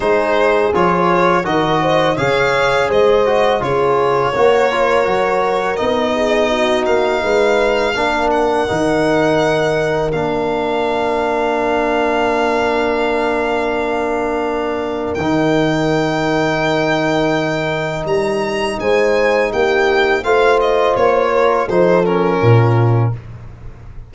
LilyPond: <<
  \new Staff \with { instrumentName = "violin" } { \time 4/4 \tempo 4 = 83 c''4 cis''4 dis''4 f''4 | dis''4 cis''2. | dis''4. f''2 fis''8~ | fis''2 f''2~ |
f''1~ | f''4 g''2.~ | g''4 ais''4 gis''4 g''4 | f''8 dis''8 cis''4 c''8 ais'4. | }
  \new Staff \with { instrumentName = "horn" } { \time 4/4 gis'2 ais'8 c''8 cis''4 | c''4 gis'4 ais'2~ | ais'8 gis'8 fis'4 b'4 ais'4~ | ais'1~ |
ais'1~ | ais'1~ | ais'2 c''4 g'4 | c''4. ais'8 a'4 f'4 | }
  \new Staff \with { instrumentName = "trombone" } { \time 4/4 dis'4 f'4 fis'4 gis'4~ | gis'8 fis'8 f'4 fis'8 f'8 fis'4 | dis'2. d'4 | dis'2 d'2~ |
d'1~ | d'4 dis'2.~ | dis'1 | f'2 dis'8 cis'4. | }
  \new Staff \with { instrumentName = "tuba" } { \time 4/4 gis4 f4 dis4 cis4 | gis4 cis4 ais4 fis4 | b4. ais8 gis4 ais4 | dis2 ais2~ |
ais1~ | ais4 dis2.~ | dis4 g4 gis4 ais4 | a4 ais4 f4 ais,4 | }
>>